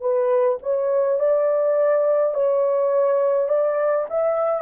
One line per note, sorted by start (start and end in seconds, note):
0.00 0.58 B4
0.62 1.19 C#5
1.19 2.34 D5
2.34 3.48 C#5
3.48 4.05 D5
4.09 4.62 E5